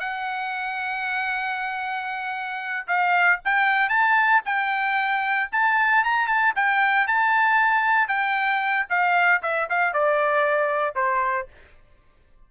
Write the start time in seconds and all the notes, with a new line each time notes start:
0.00 F#5
2.87 F5
3.45 G5
3.89 A5
4.45 G5
5.52 A5
6.04 A#5
6.27 A5
6.56 G5
7.07 A5
8.08 G5
8.89 F5
9.43 E5
9.70 F5
9.93 D5
10.95 C5